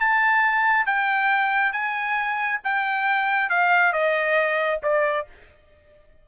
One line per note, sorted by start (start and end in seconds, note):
0.00 0.86 A5
0.86 1.72 G5
1.72 2.60 G#5
2.64 3.50 G5
3.50 3.93 F5
3.93 4.80 D#5
4.83 5.26 D5